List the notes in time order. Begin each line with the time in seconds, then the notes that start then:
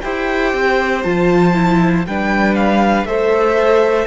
0.00 E4 G4 C5 G5
0.53 C4
1.03 F3 F4 A5
1.54 E4
2.07 G3 D4 B4 G5
2.55 F5
3.04 A3 A4 C5 E5